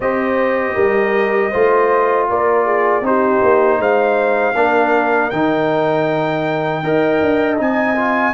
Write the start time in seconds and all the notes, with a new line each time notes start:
0.00 C4 G4 C5 D#5
0.74 G3 A#4
1.50 A3 F4 C5
2.29 A#3 A#4 D5
2.64 G#4
3.01 C4 D#4 G4 C5
3.41 A#3
3.78 G#3 C5 F5
4.54 A#3 D4 A#4
5.29 D#3 D#4 G5
6.82 D#4 A#4 D#5
7.21 D4
7.57 C4 D#4 G#5
7.95 F4